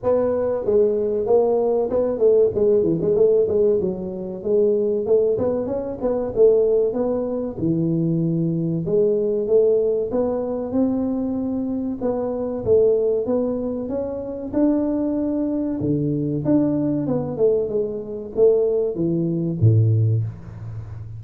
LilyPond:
\new Staff \with { instrumentName = "tuba" } { \time 4/4 \tempo 4 = 95 b4 gis4 ais4 b8 a8 | gis8 e16 gis16 a8 gis8 fis4 gis4 | a8 b8 cis'8 b8 a4 b4 | e2 gis4 a4 |
b4 c'2 b4 | a4 b4 cis'4 d'4~ | d'4 d4 d'4 b8 a8 | gis4 a4 e4 a,4 | }